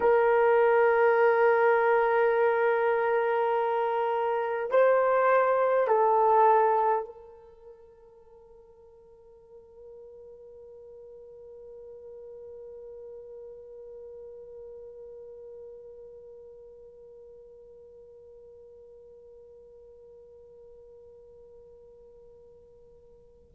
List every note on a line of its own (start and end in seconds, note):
0.00 4.70 A#4
4.70 5.87 C5
5.87 7.05 A4
7.05 23.52 A#4